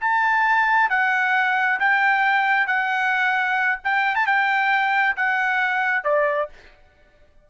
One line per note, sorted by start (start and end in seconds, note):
0.00 0.89 A5
0.89 1.79 F#5
1.79 2.66 G5
2.66 3.78 F#5
3.83 4.15 G5
4.15 4.26 A5
4.26 5.16 G5
5.16 6.04 F#5
6.04 6.48 D5